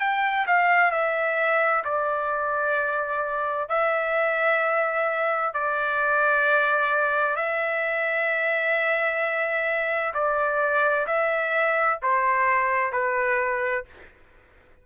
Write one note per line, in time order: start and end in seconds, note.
0.00 0.46 G5
0.47 0.92 F5
0.92 1.84 E5
1.85 3.69 D5
3.69 5.54 E5
5.54 7.36 D5
7.36 10.13 E5
10.15 11.07 D5
11.07 12.00 E5
12.03 12.93 C5
12.93 13.85 B4